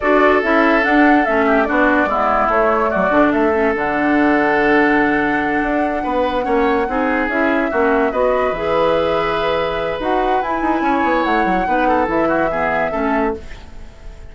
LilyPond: <<
  \new Staff \with { instrumentName = "flute" } { \time 4/4 \tempo 4 = 144 d''4 e''4 fis''4 e''4 | d''2 cis''4 d''4 | e''4 fis''2.~ | fis''1~ |
fis''4. e''2 dis''8~ | dis''8 e''2.~ e''8 | fis''4 gis''2 fis''4~ | fis''4 e''2. | }
  \new Staff \with { instrumentName = "oboe" } { \time 4/4 a'2.~ a'8 g'8 | fis'4 e'2 fis'4 | a'1~ | a'2~ a'8 b'4 cis''8~ |
cis''8 gis'2 fis'4 b'8~ | b'1~ | b'2 cis''2 | b'8 a'4 fis'8 gis'4 a'4 | }
  \new Staff \with { instrumentName = "clarinet" } { \time 4/4 fis'4 e'4 d'4 cis'4 | d'4 b4 a4. d'8~ | d'8 cis'8 d'2.~ | d'2.~ d'8 cis'8~ |
cis'8 dis'4 e'4 cis'4 fis'8~ | fis'8 gis'2.~ gis'8 | fis'4 e'2. | dis'4 e'4 b4 cis'4 | }
  \new Staff \with { instrumentName = "bassoon" } { \time 4/4 d'4 cis'4 d'4 a4 | b4 gis4 a4 fis8 d8 | a4 d2.~ | d4. d'4 b4 ais8~ |
ais8 c'4 cis'4 ais4 b8~ | b8 e2.~ e8 | dis'4 e'8 dis'8 cis'8 b8 a8 fis8 | b4 e2 a4 | }
>>